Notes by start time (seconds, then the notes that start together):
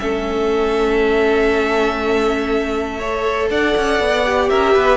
0.00 A3 C#4 A4 E5
2.99 A4 C#5
3.51 D4 D5 F#5
3.78 C#4
4.00 B3
4.26 G4
4.50 C#4 A#4 E5
4.74 B3 B4